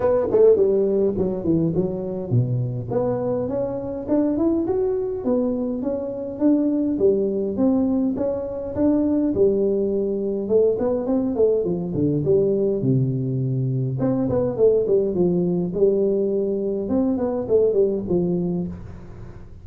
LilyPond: \new Staff \with { instrumentName = "tuba" } { \time 4/4 \tempo 4 = 103 b8 a8 g4 fis8 e8 fis4 | b,4 b4 cis'4 d'8 e'8 | fis'4 b4 cis'4 d'4 | g4 c'4 cis'4 d'4 |
g2 a8 b8 c'8 a8 | f8 d8 g4 c2 | c'8 b8 a8 g8 f4 g4~ | g4 c'8 b8 a8 g8 f4 | }